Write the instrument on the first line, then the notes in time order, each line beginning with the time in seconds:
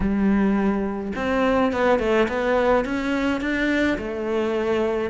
cello
0.00 G3
1.15 C4
1.72 B3
1.99 A3
2.28 B3
2.85 C#4
3.40 D4
3.98 A3